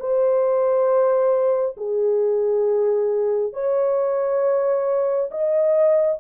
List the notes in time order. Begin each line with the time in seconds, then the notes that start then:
0.00 C5
1.77 G#4
3.53 C#5
5.31 D#5